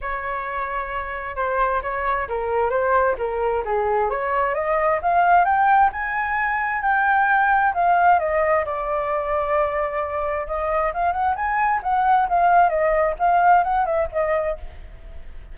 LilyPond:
\new Staff \with { instrumentName = "flute" } { \time 4/4 \tempo 4 = 132 cis''2. c''4 | cis''4 ais'4 c''4 ais'4 | gis'4 cis''4 dis''4 f''4 | g''4 gis''2 g''4~ |
g''4 f''4 dis''4 d''4~ | d''2. dis''4 | f''8 fis''8 gis''4 fis''4 f''4 | dis''4 f''4 fis''8 e''8 dis''4 | }